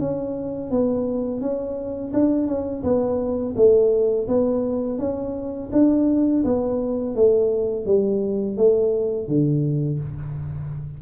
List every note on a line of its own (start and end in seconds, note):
0.00 0.71 C#4
0.71 1.41 B3
1.41 2.13 C#4
2.14 2.47 D4
2.47 2.83 C#4
2.83 3.55 B3
3.56 4.28 A3
4.28 4.99 B3
4.99 5.70 C#4
5.73 6.44 D4
6.44 7.16 B3
7.16 7.86 A3
7.86 8.57 G3
8.57 9.28 A3
9.28 9.99 D3